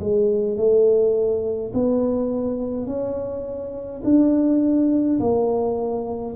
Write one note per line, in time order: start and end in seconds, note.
0.00 0.57 G#3
0.57 1.73 A3
1.74 2.86 B3
2.86 4.02 C#4
4.04 5.19 D4
5.20 6.35 A#3